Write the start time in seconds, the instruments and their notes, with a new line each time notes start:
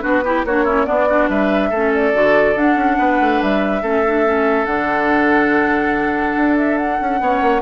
0.00 bassoon B3, clarinet D4, oboe F#4, flute B4
0.24 clarinet E4, oboe G4
0.44 bassoon A#3, clarinet D4, oboe F#4, flute C#5
0.64 clarinet C#4, oboe E4
0.86 clarinet B3, bassoon B3, oboe D4, flute D5
1.09 clarinet D4, oboe F#4
1.29 bassoon G3, oboe B4, flute E5
1.69 bassoon A3, clarinet C#4, oboe A4
1.94 flute D5
2.14 bassoon D3, clarinet F#4
2.56 bassoon D4, clarinet D4, flute F#5
2.76 bassoon C#4
2.99 bassoon B3, oboe B4
3.20 bassoon A3
3.42 bassoon G3, flute E5
3.82 bassoon A3, clarinet C#4, oboe A4
4.06 clarinet D4
4.25 clarinet C#4
4.65 bassoon D3, clarinet D4, flute F#5
6.36 bassoon D4
6.56 flute E5
6.77 flute F#5
7.00 bassoon C#4
7.20 bassoon B3, clarinet C#4, oboe C#5
7.41 bassoon A#3